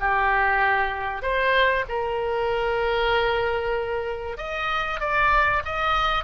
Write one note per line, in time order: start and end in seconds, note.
0.00 1.22 G4
1.22 1.85 C5
1.89 4.38 A#4
4.38 5.00 D#5
5.00 5.62 D5
5.65 6.24 D#5